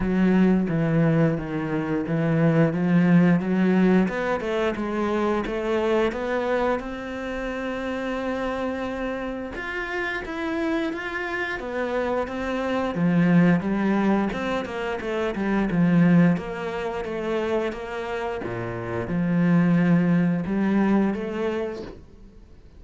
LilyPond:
\new Staff \with { instrumentName = "cello" } { \time 4/4 \tempo 4 = 88 fis4 e4 dis4 e4 | f4 fis4 b8 a8 gis4 | a4 b4 c'2~ | c'2 f'4 e'4 |
f'4 b4 c'4 f4 | g4 c'8 ais8 a8 g8 f4 | ais4 a4 ais4 ais,4 | f2 g4 a4 | }